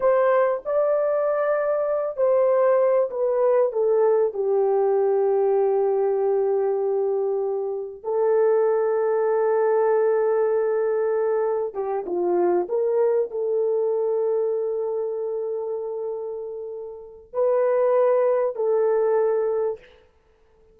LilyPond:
\new Staff \with { instrumentName = "horn" } { \time 4/4 \tempo 4 = 97 c''4 d''2~ d''8 c''8~ | c''4 b'4 a'4 g'4~ | g'1~ | g'4 a'2.~ |
a'2. g'8 f'8~ | f'8 ais'4 a'2~ a'8~ | a'1 | b'2 a'2 | }